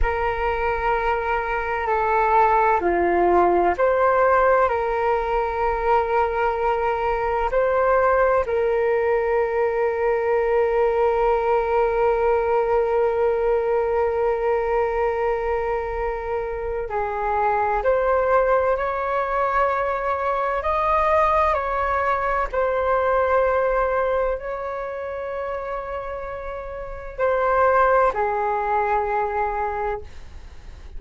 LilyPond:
\new Staff \with { instrumentName = "flute" } { \time 4/4 \tempo 4 = 64 ais'2 a'4 f'4 | c''4 ais'2. | c''4 ais'2.~ | ais'1~ |
ais'2 gis'4 c''4 | cis''2 dis''4 cis''4 | c''2 cis''2~ | cis''4 c''4 gis'2 | }